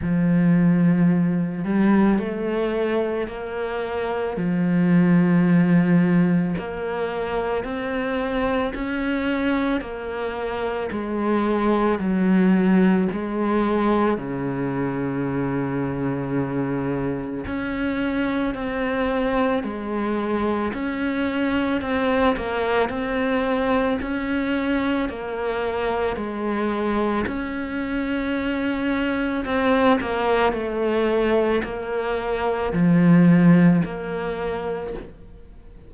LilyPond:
\new Staff \with { instrumentName = "cello" } { \time 4/4 \tempo 4 = 55 f4. g8 a4 ais4 | f2 ais4 c'4 | cis'4 ais4 gis4 fis4 | gis4 cis2. |
cis'4 c'4 gis4 cis'4 | c'8 ais8 c'4 cis'4 ais4 | gis4 cis'2 c'8 ais8 | a4 ais4 f4 ais4 | }